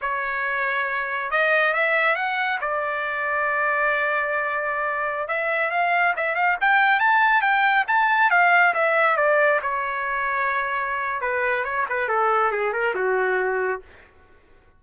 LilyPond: \new Staff \with { instrumentName = "trumpet" } { \time 4/4 \tempo 4 = 139 cis''2. dis''4 | e''4 fis''4 d''2~ | d''1~ | d''16 e''4 f''4 e''8 f''8 g''8.~ |
g''16 a''4 g''4 a''4 f''8.~ | f''16 e''4 d''4 cis''4.~ cis''16~ | cis''2 b'4 cis''8 b'8 | a'4 gis'8 ais'8 fis'2 | }